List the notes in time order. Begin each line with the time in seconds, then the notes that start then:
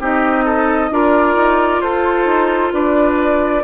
0.00 C4 D#4 G4 D#5
0.45 A4
0.90 D4 F4 A#4 D5
1.35 D#4
1.81 F4 A4 C5
2.25 D#4
2.73 D4 B4 D5